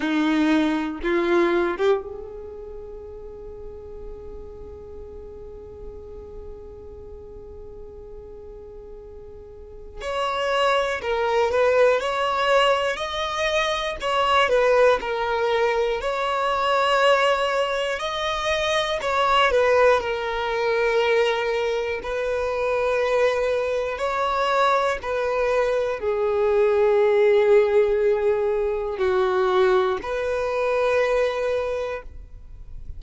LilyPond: \new Staff \with { instrumentName = "violin" } { \time 4/4 \tempo 4 = 60 dis'4 f'8. g'16 gis'2~ | gis'1~ | gis'2 cis''4 ais'8 b'8 | cis''4 dis''4 cis''8 b'8 ais'4 |
cis''2 dis''4 cis''8 b'8 | ais'2 b'2 | cis''4 b'4 gis'2~ | gis'4 fis'4 b'2 | }